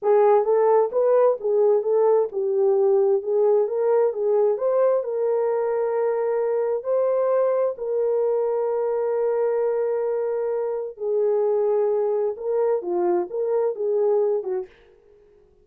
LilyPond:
\new Staff \with { instrumentName = "horn" } { \time 4/4 \tempo 4 = 131 gis'4 a'4 b'4 gis'4 | a'4 g'2 gis'4 | ais'4 gis'4 c''4 ais'4~ | ais'2. c''4~ |
c''4 ais'2.~ | ais'1 | gis'2. ais'4 | f'4 ais'4 gis'4. fis'8 | }